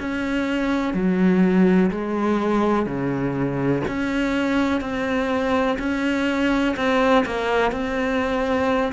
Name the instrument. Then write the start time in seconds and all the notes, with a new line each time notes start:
cello
0.00 C#4
0.94 F#3
1.91 G#3
2.86 C#3
3.88 C#4
4.81 C4
5.79 C#4
6.77 C4
7.26 A#3
7.72 C4